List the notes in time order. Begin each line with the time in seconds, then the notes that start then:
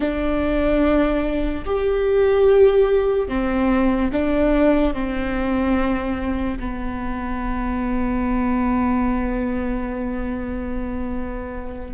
0.00 D4
1.65 G4
3.28 C4
4.12 D4
4.93 C4
6.59 B3